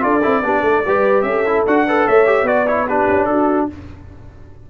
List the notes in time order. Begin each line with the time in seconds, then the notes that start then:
0.00 D4 F4 A4 D5
0.23 C4 E4
0.42 B3 D4 G4
0.60 A3 A4
0.86 G3 G4 B4
1.22 C#4 A4 E5
1.46 E4
1.66 D4 F#4 F#5
1.86 A4 B4
2.06 A3 C#5 E5
2.26 G4
2.42 B3 F#4 D5
2.67 E4 C#5
2.88 D4 G4 B4
3.08 C#4
3.25 D4 F#4 A4